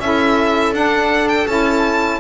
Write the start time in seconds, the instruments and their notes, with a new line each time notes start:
0.00 double bass C#4, saxophone E4, viola A4, violin E5
0.73 double bass D4, saxophone D4, violin F#5
1.29 violin G5
1.47 double bass C#4, saxophone E4, violin A5